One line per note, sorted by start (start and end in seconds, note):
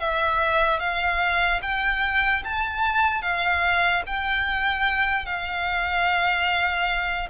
0.00 0.80 E5
0.80 1.61 F5
1.63 2.44 G5
2.45 3.22 A5
3.22 4.03 F5
4.07 5.26 G5
5.26 7.29 F5